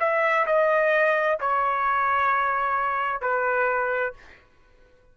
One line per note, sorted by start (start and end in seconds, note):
0.00 0.46 E5
0.46 1.38 D#5
1.40 3.21 C#5
3.21 4.14 B4